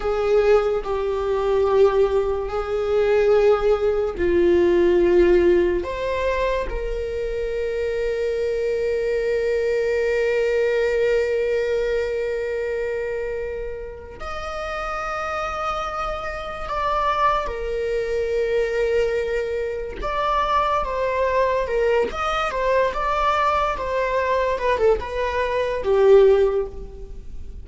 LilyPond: \new Staff \with { instrumentName = "viola" } { \time 4/4 \tempo 4 = 72 gis'4 g'2 gis'4~ | gis'4 f'2 c''4 | ais'1~ | ais'1~ |
ais'4 dis''2. | d''4 ais'2. | d''4 c''4 ais'8 dis''8 c''8 d''8~ | d''8 c''4 b'16 a'16 b'4 g'4 | }